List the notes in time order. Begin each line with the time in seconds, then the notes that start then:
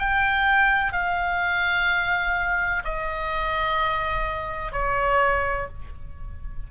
0.00 G5
0.93 F5
2.85 D#5
4.73 C#5